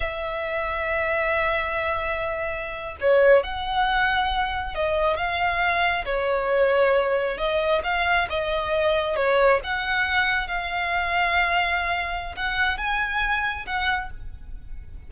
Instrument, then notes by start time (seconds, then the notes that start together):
violin
0.00 E5
3.00 C#5
3.43 F#5
4.74 D#5
5.16 F5
6.05 C#5
7.37 D#5
7.83 F5
8.29 D#5
9.16 C#5
9.63 F#5
10.47 F5
12.36 F#5
12.77 G#5
13.66 F#5